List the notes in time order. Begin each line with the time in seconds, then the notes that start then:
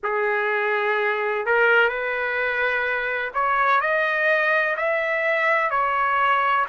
0.03 G#4
1.45 A#4
1.88 B4
3.34 C#5
3.81 D#5
4.77 E5
5.70 C#5